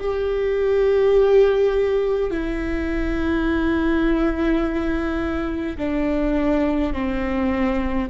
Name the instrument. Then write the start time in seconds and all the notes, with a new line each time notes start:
viola
0.00 G4
2.31 E4
5.77 D4
6.93 C4